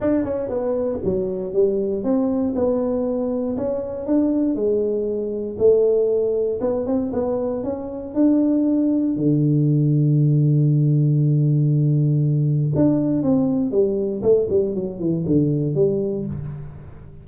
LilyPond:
\new Staff \with { instrumentName = "tuba" } { \time 4/4 \tempo 4 = 118 d'8 cis'8 b4 fis4 g4 | c'4 b2 cis'4 | d'4 gis2 a4~ | a4 b8 c'8 b4 cis'4 |
d'2 d2~ | d1~ | d4 d'4 c'4 g4 | a8 g8 fis8 e8 d4 g4 | }